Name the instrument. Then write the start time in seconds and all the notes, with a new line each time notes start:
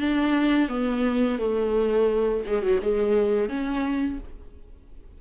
viola
0.00 D4
0.68 B3
1.38 A3
2.46 G#3
2.62 F#3
2.81 G#3
3.49 C#4